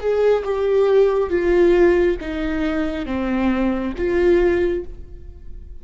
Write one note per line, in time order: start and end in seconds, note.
0.00 0.43 G#4
0.44 1.30 G4
1.30 2.17 F4
2.21 3.06 D#4
3.06 3.93 C4
3.98 4.85 F4